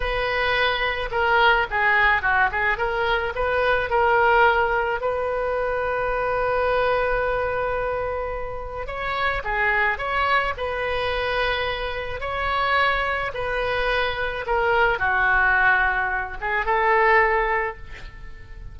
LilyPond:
\new Staff \with { instrumentName = "oboe" } { \time 4/4 \tempo 4 = 108 b'2 ais'4 gis'4 | fis'8 gis'8 ais'4 b'4 ais'4~ | ais'4 b'2.~ | b'1 |
cis''4 gis'4 cis''4 b'4~ | b'2 cis''2 | b'2 ais'4 fis'4~ | fis'4. gis'8 a'2 | }